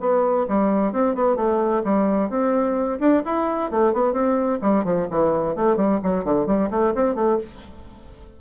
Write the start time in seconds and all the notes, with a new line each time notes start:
0.00 B3
0.48 G3
0.92 C4
1.15 B3
1.36 A3
1.84 G3
2.29 C4
2.99 D4
3.25 E4
3.71 A3
3.93 B3
4.12 C4
4.61 G3
4.84 F3
5.10 E3
5.55 A3
5.76 G3
6.03 F#3
6.24 D3
6.46 G3
6.70 A3
6.94 C4
7.15 A3